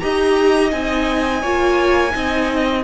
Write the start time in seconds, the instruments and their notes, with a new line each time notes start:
0.00 cello D#4, viola G4, violin D#5 A#5
0.71 cello C4, viola D#4, violin G#5
1.42 cello A#3, viola F4, violin C#5
2.11 cello C4, viola D#4, violin D#5